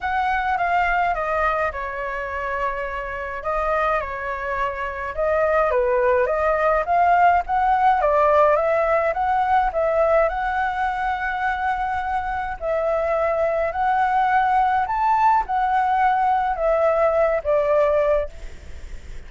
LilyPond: \new Staff \with { instrumentName = "flute" } { \time 4/4 \tempo 4 = 105 fis''4 f''4 dis''4 cis''4~ | cis''2 dis''4 cis''4~ | cis''4 dis''4 b'4 dis''4 | f''4 fis''4 d''4 e''4 |
fis''4 e''4 fis''2~ | fis''2 e''2 | fis''2 a''4 fis''4~ | fis''4 e''4. d''4. | }